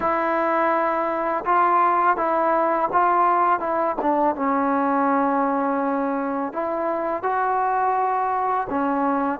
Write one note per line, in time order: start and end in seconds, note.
0.00 1.44 E4
1.45 2.17 F4
2.17 2.89 E4
2.92 3.59 F4
3.59 3.96 E4
4.01 4.35 D4
4.35 6.52 C#4
6.52 7.23 E4
7.23 8.67 F#4
8.69 9.39 C#4